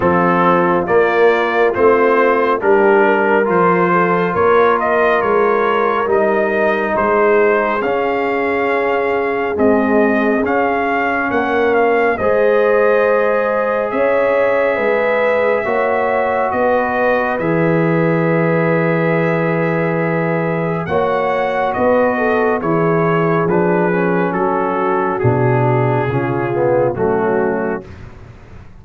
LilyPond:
<<
  \new Staff \with { instrumentName = "trumpet" } { \time 4/4 \tempo 4 = 69 a'4 d''4 c''4 ais'4 | c''4 cis''8 dis''8 cis''4 dis''4 | c''4 f''2 dis''4 | f''4 fis''8 f''8 dis''2 |
e''2. dis''4 | e''1 | fis''4 dis''4 cis''4 b'4 | a'4 gis'2 fis'4 | }
  \new Staff \with { instrumentName = "horn" } { \time 4/4 f'2. g'8 ais'8~ | ais'8 a'8 ais'2. | gis'1~ | gis'4 ais'4 c''2 |
cis''4 b'4 cis''4 b'4~ | b'1 | cis''4 b'8 a'8 gis'2 | fis'2 f'4 cis'4 | }
  \new Staff \with { instrumentName = "trombone" } { \time 4/4 c'4 ais4 c'4 d'4 | f'2. dis'4~ | dis'4 cis'2 gis4 | cis'2 gis'2~ |
gis'2 fis'2 | gis'1 | fis'2 e'4 d'8 cis'8~ | cis'4 d'4 cis'8 b8 a4 | }
  \new Staff \with { instrumentName = "tuba" } { \time 4/4 f4 ais4 a4 g4 | f4 ais4 gis4 g4 | gis4 cis'2 c'4 | cis'4 ais4 gis2 |
cis'4 gis4 ais4 b4 | e1 | ais4 b4 e4 f4 | fis4 b,4 cis4 fis4 | }
>>